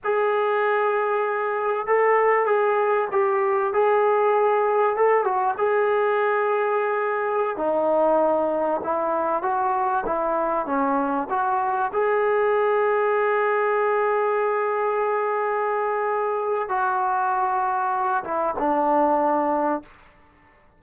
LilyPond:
\new Staff \with { instrumentName = "trombone" } { \time 4/4 \tempo 4 = 97 gis'2. a'4 | gis'4 g'4 gis'2 | a'8 fis'8 gis'2.~ | gis'16 dis'2 e'4 fis'8.~ |
fis'16 e'4 cis'4 fis'4 gis'8.~ | gis'1~ | gis'2. fis'4~ | fis'4. e'8 d'2 | }